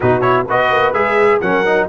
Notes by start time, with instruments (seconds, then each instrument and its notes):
0.00 tuba B2, trombone D#4, horn F#4, trumpet B4
0.21 trombone E4, trumpet C#5
0.46 tuba B3, trombone F#4, horn B4, trumpet D#5
0.71 tuba A#3
0.93 tuba G#3, trombone G#4, trumpet E5
1.40 tuba F#3, trombone C#4, horn A#4, trumpet F#5
1.65 trombone D#4